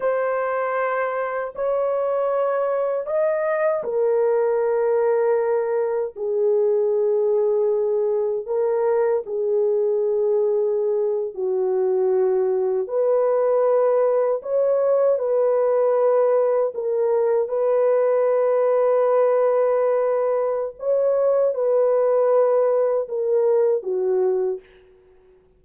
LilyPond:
\new Staff \with { instrumentName = "horn" } { \time 4/4 \tempo 4 = 78 c''2 cis''2 | dis''4 ais'2. | gis'2. ais'4 | gis'2~ gis'8. fis'4~ fis'16~ |
fis'8. b'2 cis''4 b'16~ | b'4.~ b'16 ais'4 b'4~ b'16~ | b'2. cis''4 | b'2 ais'4 fis'4 | }